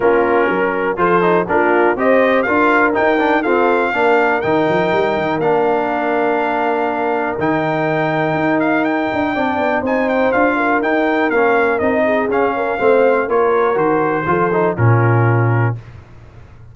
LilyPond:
<<
  \new Staff \with { instrumentName = "trumpet" } { \time 4/4 \tempo 4 = 122 ais'2 c''4 ais'4 | dis''4 f''4 g''4 f''4~ | f''4 g''2 f''4~ | f''2. g''4~ |
g''4. f''8 g''2 | gis''8 g''8 f''4 g''4 f''4 | dis''4 f''2 cis''4 | c''2 ais'2 | }
  \new Staff \with { instrumentName = "horn" } { \time 4/4 f'4 ais'4 a'4 f'4 | c''4 ais'2 a'4 | ais'1~ | ais'1~ |
ais'2. d''4 | c''4. ais'2~ ais'8~ | ais'8 gis'4 ais'8 c''4 ais'4~ | ais'4 a'4 f'2 | }
  \new Staff \with { instrumentName = "trombone" } { \time 4/4 cis'2 f'8 dis'8 d'4 | g'4 f'4 dis'8 d'8 c'4 | d'4 dis'2 d'4~ | d'2. dis'4~ |
dis'2. d'4 | dis'4 f'4 dis'4 cis'4 | dis'4 cis'4 c'4 f'4 | fis'4 f'8 dis'8 cis'2 | }
  \new Staff \with { instrumentName = "tuba" } { \time 4/4 ais4 fis4 f4 ais4 | c'4 d'4 dis'4 f'4 | ais4 dis8 f8 g8 dis8 ais4~ | ais2. dis4~ |
dis4 dis'4. d'8 c'8 b8 | c'4 d'4 dis'4 ais4 | c'4 cis'4 a4 ais4 | dis4 f4 ais,2 | }
>>